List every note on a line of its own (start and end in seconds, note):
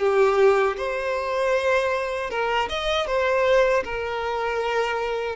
0.00 0.77 G4
0.77 2.30 C5
2.30 2.69 A#4
2.69 3.07 D#5
3.07 3.84 C5
3.85 5.36 A#4